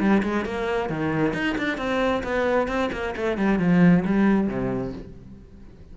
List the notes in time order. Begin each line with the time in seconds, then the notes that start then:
0.00 G3
0.23 G#3
0.45 A#3
0.90 D#3
1.34 D#4
1.58 D4
1.78 C4
2.24 B3
2.68 C4
2.93 A#3
3.16 A3
3.38 G3
3.59 F3
4.06 G3
4.48 C3